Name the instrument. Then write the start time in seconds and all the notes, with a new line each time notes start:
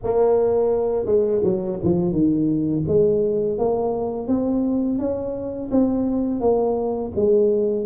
tuba
0.03 A#3
1.05 G#3
1.43 F#3
1.83 F3
2.12 D#3
2.87 G#3
3.58 A#3
4.27 C4
4.98 C#4
5.71 C4
6.40 A#3
7.15 G#3